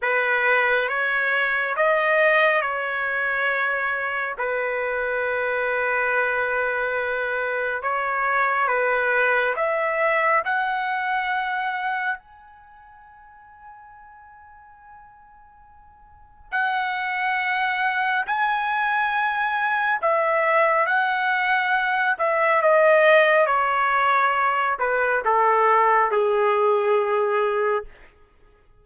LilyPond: \new Staff \with { instrumentName = "trumpet" } { \time 4/4 \tempo 4 = 69 b'4 cis''4 dis''4 cis''4~ | cis''4 b'2.~ | b'4 cis''4 b'4 e''4 | fis''2 gis''2~ |
gis''2. fis''4~ | fis''4 gis''2 e''4 | fis''4. e''8 dis''4 cis''4~ | cis''8 b'8 a'4 gis'2 | }